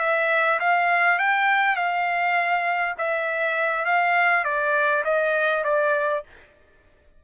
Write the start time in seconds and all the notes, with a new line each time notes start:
0.00 E5
0.60 F5
1.19 G5
1.77 F5
2.98 E5
3.86 F5
4.45 D5
5.05 D#5
5.64 D5